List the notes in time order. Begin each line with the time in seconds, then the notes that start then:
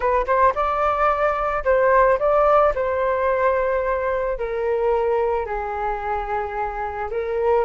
0.00 B4
0.26 C5
0.55 D5
1.64 C5
2.19 D5
2.74 C5
4.38 A#4
5.46 G#4
7.11 A#4